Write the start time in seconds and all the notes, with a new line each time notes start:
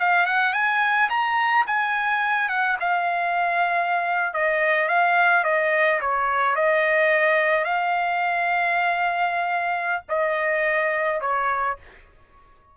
0.00 F5
0.27 F#5
0.54 G#5
1.10 A#5
1.67 G#5
2.49 F#5
2.80 F5
4.34 D#5
4.89 F5
5.44 D#5
6.02 C#5
6.56 D#5
7.65 F5
10.09 D#5
11.21 C#5